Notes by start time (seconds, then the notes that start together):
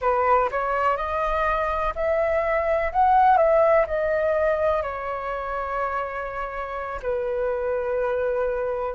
0.01 B4
0.51 C#5
0.97 D#5
1.95 E5
2.92 F#5
3.37 E5
3.87 D#5
4.82 C#5
7.02 B4